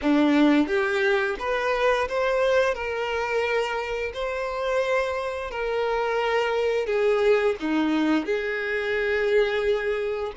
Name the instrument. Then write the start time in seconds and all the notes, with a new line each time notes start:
violin
0.01 D4
0.67 G4
1.39 B4
2.08 C5
2.74 A#4
4.13 C5
5.50 A#4
6.86 G#4
7.60 D#4
8.25 G#4